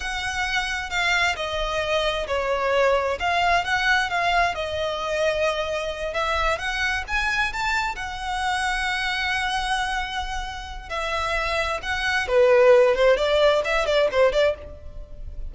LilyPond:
\new Staff \with { instrumentName = "violin" } { \time 4/4 \tempo 4 = 132 fis''2 f''4 dis''4~ | dis''4 cis''2 f''4 | fis''4 f''4 dis''2~ | dis''4. e''4 fis''4 gis''8~ |
gis''8 a''4 fis''2~ fis''8~ | fis''1 | e''2 fis''4 b'4~ | b'8 c''8 d''4 e''8 d''8 c''8 d''8 | }